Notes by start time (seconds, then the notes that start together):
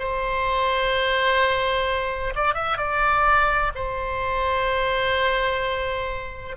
0.00 C5
2.36 D5
2.54 E5
2.78 D5
3.75 C5